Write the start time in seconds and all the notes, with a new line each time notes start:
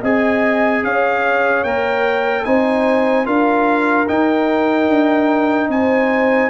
0.00 C4 G#4 D#5 G#5
0.83 C#4 C#5 F5
1.64 A#3 A#4 G5
2.44 C4 D#4 C5 G#5
3.25 D4 F4 A#4 F5
4.08 D#4 G5
4.88 D4
5.68 C4 C5 G#5